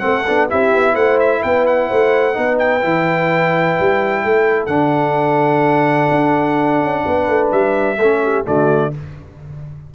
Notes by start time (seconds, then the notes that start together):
0.00 A3 C4 A4 F#5
0.27 B3 D4
0.50 C4 E4 G4 E5
0.74 B3
0.93 A3 C5 F#5
1.20 E5
1.42 B3 B4 G5
1.67 F#5
1.88 A3 C5
2.34 B3 D#4 B4
2.58 G5
2.81 E3 E4
3.80 G3
4.25 A3 A4
4.66 D3 D4 F#5
6.11 D4
6.81 C#4
7.05 B3 B4
7.28 A3
7.52 G3 E5
7.98 A3 C#4 A4
8.23 G4
8.44 D3 A3 F#4 D5